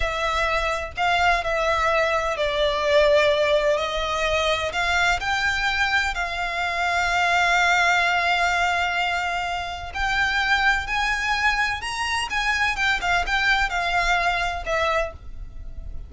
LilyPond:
\new Staff \with { instrumentName = "violin" } { \time 4/4 \tempo 4 = 127 e''2 f''4 e''4~ | e''4 d''2. | dis''2 f''4 g''4~ | g''4 f''2.~ |
f''1~ | f''4 g''2 gis''4~ | gis''4 ais''4 gis''4 g''8 f''8 | g''4 f''2 e''4 | }